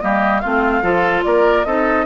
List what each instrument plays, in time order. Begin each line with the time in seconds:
0.00 bassoon G3, clarinet A#3, oboe G4, flute D#5
0.39 bassoon A3, clarinet C4, oboe F4, flute F5
0.82 bassoon F3, clarinet F4, oboe A4
1.23 bassoon A#3, oboe A#4, flute D5
1.64 bassoon C4, clarinet D#4, oboe A4, flute D#5